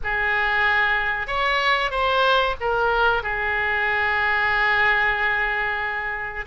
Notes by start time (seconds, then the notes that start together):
0.03 G#4
1.27 C#5
1.90 C5
2.60 A#4
3.23 G#4